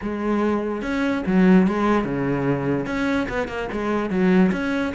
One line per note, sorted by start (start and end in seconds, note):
0.01 0.82 G#3
0.82 1.23 C#4
1.26 1.67 F#3
1.67 2.04 G#3
2.04 2.86 C#3
2.86 3.27 C#4
3.28 3.48 B3
3.48 3.68 A#3
3.72 4.10 G#3
4.10 4.51 F#3
4.52 4.93 C#4